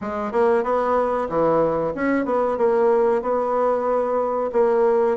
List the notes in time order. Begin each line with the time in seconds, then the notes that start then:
0.01 G#3
0.32 A#3
0.63 B3
1.29 E3
1.94 C#4
2.25 B3
2.57 A#3
3.21 B3
4.52 A#3